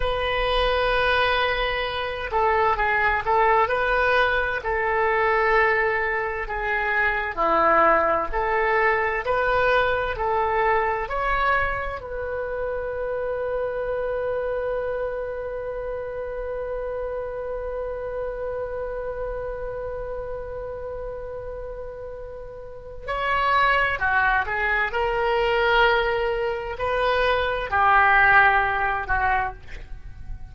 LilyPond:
\new Staff \with { instrumentName = "oboe" } { \time 4/4 \tempo 4 = 65 b'2~ b'8 a'8 gis'8 a'8 | b'4 a'2 gis'4 | e'4 a'4 b'4 a'4 | cis''4 b'2.~ |
b'1~ | b'1~ | b'4 cis''4 fis'8 gis'8 ais'4~ | ais'4 b'4 g'4. fis'8 | }